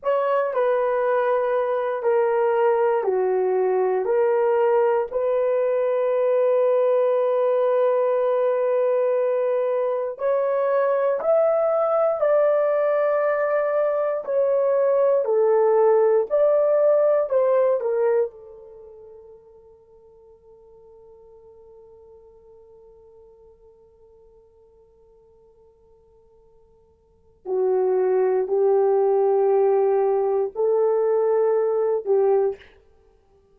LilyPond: \new Staff \with { instrumentName = "horn" } { \time 4/4 \tempo 4 = 59 cis''8 b'4. ais'4 fis'4 | ais'4 b'2.~ | b'2 cis''4 e''4 | d''2 cis''4 a'4 |
d''4 c''8 ais'8 a'2~ | a'1~ | a'2. fis'4 | g'2 a'4. g'8 | }